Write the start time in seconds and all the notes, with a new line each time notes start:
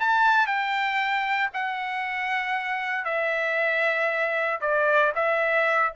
0.00 A5
0.47 G5
1.54 F#5
3.05 E5
4.61 D5
5.15 E5